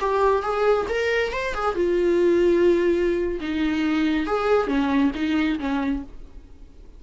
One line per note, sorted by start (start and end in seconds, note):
0.00 0.43 G4
0.43 0.86 G#4
0.89 1.32 A#4
1.32 1.54 C5
1.54 1.75 G#4
1.75 3.40 F4
3.41 4.27 D#4
4.27 4.67 G#4
4.67 5.11 C#4
5.15 5.59 D#4
5.59 6.03 C#4